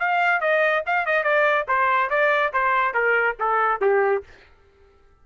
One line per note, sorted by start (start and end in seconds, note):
0.00 0.41 F5
0.41 0.84 D#5
0.87 1.06 F5
1.06 1.24 D#5
1.24 1.66 D5
1.68 2.10 C5
2.10 2.53 D5
2.53 2.94 C5
2.94 3.37 A#4
3.40 3.81 A4
3.81 4.24 G4